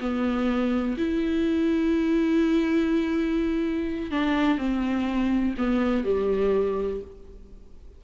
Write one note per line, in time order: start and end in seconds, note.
0.00 0.97 B3
0.97 4.11 E4
4.11 4.58 D4
4.58 5.55 C4
5.58 6.04 B3
6.04 7.01 G3